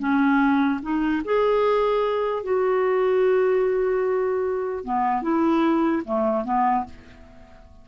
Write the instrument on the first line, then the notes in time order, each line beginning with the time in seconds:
clarinet
0.00 C#4
0.82 D#4
1.25 G#4
2.43 F#4
4.85 B3
5.22 E4
6.05 A3
6.45 B3